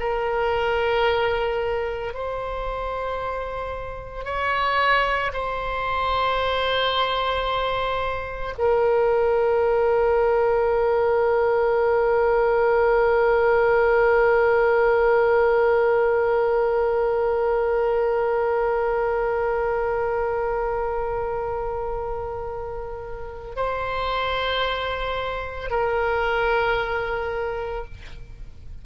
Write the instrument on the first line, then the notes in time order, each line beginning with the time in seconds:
oboe
0.00 A#4
2.14 C5
4.25 C#5
5.33 C5
8.59 A#4
23.56 C5
25.70 A#4